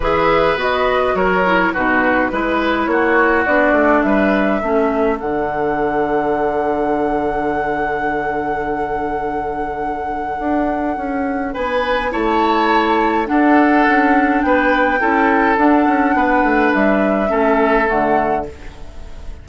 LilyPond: <<
  \new Staff \with { instrumentName = "flute" } { \time 4/4 \tempo 4 = 104 e''4 dis''4 cis''4 b'4~ | b'4 cis''4 d''4 e''4~ | e''4 fis''2.~ | fis''1~ |
fis''1 | gis''4 a''2 fis''4~ | fis''4 g''2 fis''4~ | fis''4 e''2 fis''4 | }
  \new Staff \with { instrumentName = "oboe" } { \time 4/4 b'2 ais'4 fis'4 | b'4 fis'2 b'4 | a'1~ | a'1~ |
a'1 | b'4 cis''2 a'4~ | a'4 b'4 a'2 | b'2 a'2 | }
  \new Staff \with { instrumentName = "clarinet" } { \time 4/4 gis'4 fis'4. e'8 dis'4 | e'2 d'2 | cis'4 d'2.~ | d'1~ |
d'1~ | d'4 e'2 d'4~ | d'2 e'4 d'4~ | d'2 cis'4 a4 | }
  \new Staff \with { instrumentName = "bassoon" } { \time 4/4 e4 b4 fis4 b,4 | gis4 ais4 b8 a8 g4 | a4 d2.~ | d1~ |
d2 d'4 cis'4 | b4 a2 d'4 | cis'4 b4 cis'4 d'8 cis'8 | b8 a8 g4 a4 d4 | }
>>